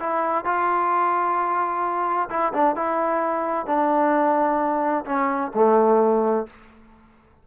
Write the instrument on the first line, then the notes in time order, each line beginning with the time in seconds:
trombone
0.00 E4
0.45 F4
2.30 E4
2.54 D4
2.76 E4
3.67 D4
5.06 C#4
5.55 A3